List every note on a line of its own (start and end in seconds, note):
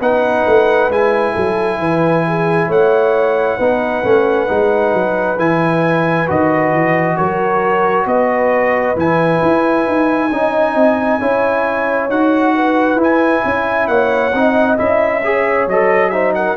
0.00 0.45 B3
0.00 0.91 D#4
0.00 1.33 B4
0.00 0.91 F#5
0.46 0.89 A3
0.89 1.34 G#3
0.89 3.60 E4
0.89 2.71 G#5
1.33 1.78 F#3
1.33 1.78 A4
1.78 2.68 E3
1.78 2.24 B4
2.27 2.68 G#4
2.68 3.58 A3
2.68 3.57 C#5
2.68 5.39 F#5
3.57 4.04 B3
3.57 4.03 D#4
3.57 7.16 B4
4.03 4.49 A3
4.03 4.47 C#4
4.47 4.93 G#3
4.47 5.37 D#4
4.93 5.38 F#3
5.38 6.28 E3
5.38 6.27 E4
5.38 6.28 G#5
6.27 6.72 D#3
6.27 8.96 F#4
6.27 7.17 D#5
6.72 7.17 E3
7.17 8.06 F#3
7.17 8.06 A#4
7.17 8.06 C#5
8.06 8.95 B3
8.06 10.31 B4
8.06 8.97 D#5
8.96 9.40 E3
8.96 10.30 E4
8.96 12.10 G#5
9.42 9.87 E4
9.88 10.31 D#4
10.31 10.75 C#4
10.31 11.20 D#4
10.31 11.20 D#5
10.75 11.20 C4
11.20 12.10 C#4
11.20 12.10 E4
11.20 12.54 C#5
12.10 12.95 D#4
12.10 12.97 F#4
12.10 13.00 F#5
12.55 13.44 B4
12.95 13.40 E4
12.95 14.32 E4
13.03 13.87 G#5
13.45 13.88 C#4
13.45 13.90 E5
13.87 14.33 A#3
13.87 14.35 C#5
13.87 14.77 F#5
14.33 14.78 C4
14.33 14.77 D#4
14.33 15.24 D#5
14.77 15.67 C#4
14.77 15.22 E4
14.77 15.68 E5
15.24 15.69 G#4
15.24 16.12 C#5
15.67 16.56 F#3
15.67 16.12 A4
15.67 16.10 D#5
16.10 16.56 D#4
16.10 16.35 C5
16.10 16.32 E5
16.35 16.56 A#4
16.35 16.56 F#5